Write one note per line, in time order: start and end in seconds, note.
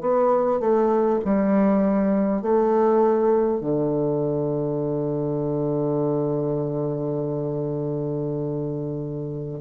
0.00 0.59 B3
0.59 1.19 A3
1.24 2.41 G3
2.41 3.61 A3
3.61 9.61 D3